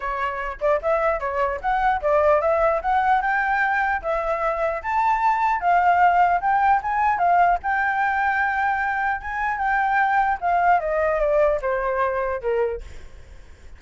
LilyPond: \new Staff \with { instrumentName = "flute" } { \time 4/4 \tempo 4 = 150 cis''4. d''8 e''4 cis''4 | fis''4 d''4 e''4 fis''4 | g''2 e''2 | a''2 f''2 |
g''4 gis''4 f''4 g''4~ | g''2. gis''4 | g''2 f''4 dis''4 | d''4 c''2 ais'4 | }